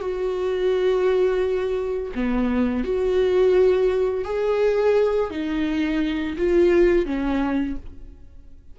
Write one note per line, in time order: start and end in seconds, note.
0.00 2.12 F#4
2.14 2.84 B3
2.84 4.24 F#4
4.24 5.30 G#4
5.30 6.36 D#4
6.37 7.05 F4
7.05 7.76 C#4